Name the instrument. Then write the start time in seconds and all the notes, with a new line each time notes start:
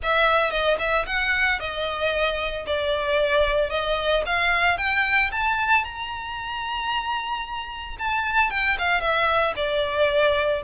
violin
0.02 E5
0.50 D#5
0.78 E5
1.06 F#5
1.59 D#5
2.66 D5
3.70 D#5
4.26 F5
4.77 G5
5.31 A5
5.84 A#5
7.99 A5
8.50 G5
8.78 F5
9.00 E5
9.56 D5